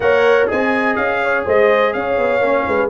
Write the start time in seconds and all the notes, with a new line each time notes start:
0.00 A#3 A#4 C#5 F#5
0.47 C4 G#4 D#5 G#5
0.95 C#4 F5
1.23 C#5
1.45 G#3 C5 D#5
1.93 C#4 C#5 F5
2.17 B3
2.39 A#3 C#4
2.66 G#3 B4